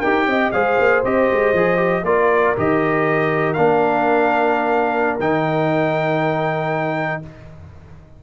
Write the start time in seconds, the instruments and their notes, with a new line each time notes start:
0.00 tuba D#4, trombone G4, horn A#4, trumpet G5
0.26 tuba C4, horn D#5
0.52 tuba G#3, trombone G#4, horn C5, trumpet F5
0.79 tuba A#3
1.04 tuba C4, trombone G4, trumpet D#5
1.32 tuba G#3
1.53 tuba F3, trombone G#4
1.77 trombone G4
2.03 tuba A#3, trombone F4, horn A#4, trumpet D5
2.57 tuba D#3, trombone G4, trumpet D#5
3.53 tuba A#3, trombone D4, trumpet F5
5.20 tuba D#3, trombone D#4, trumpet G5